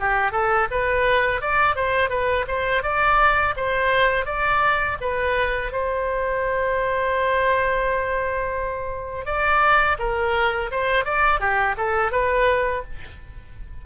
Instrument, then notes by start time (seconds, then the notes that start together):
oboe
0.00 G4
0.32 A4
0.71 B4
1.42 D5
1.76 C5
2.10 B4
2.48 C5
2.83 D5
3.56 C5
4.26 D5
5.01 B4
5.72 C5
9.26 D5
9.99 A#4
10.71 C5
11.05 D5
11.40 G4
11.77 A4
12.12 B4